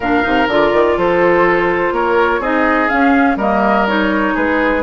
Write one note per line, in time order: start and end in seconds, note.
0.00 0.22 A#2
0.00 0.22 D4
0.00 0.96 A#4
0.00 0.49 F5
0.22 0.47 C3
0.22 0.47 D#4
0.47 0.71 D3
0.47 2.43 F4
0.47 0.98 D5
0.73 0.97 D#3
0.97 1.91 F3
0.97 1.94 A4
0.97 1.94 C5
1.91 2.39 A#3
1.91 2.40 A#4
1.91 2.42 C#5
2.39 2.88 C4
2.39 2.88 D#4
2.39 3.37 G#4
2.39 2.88 D#5
2.88 3.37 C#4
2.88 3.36 C#4
2.88 3.37 F5
3.36 4.32 G3
3.36 3.87 A#3
3.36 4.33 A#4
3.36 3.87 D#5
3.87 4.83 D#4
3.87 4.36 C#5
4.33 4.83 G#3
4.33 4.82 G#4
4.33 4.83 B4